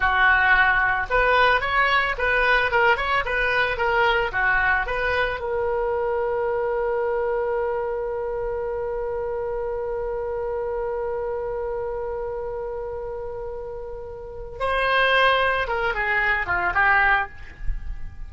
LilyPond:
\new Staff \with { instrumentName = "oboe" } { \time 4/4 \tempo 4 = 111 fis'2 b'4 cis''4 | b'4 ais'8 cis''8 b'4 ais'4 | fis'4 b'4 ais'2~ | ais'1~ |
ais'1~ | ais'1~ | ais'2. c''4~ | c''4 ais'8 gis'4 f'8 g'4 | }